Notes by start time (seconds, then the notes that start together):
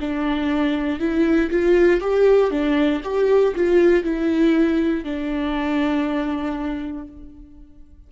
0.00 D4
0.99 E4
1.51 F4
2.01 G4
2.51 D4
3.04 G4
3.55 F4
4.04 E4
5.04 D4